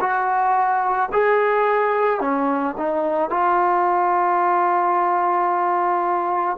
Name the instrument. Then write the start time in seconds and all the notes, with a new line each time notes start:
trombone
0.00 F#4
1.13 G#4
2.20 C#4
2.78 D#4
3.30 F4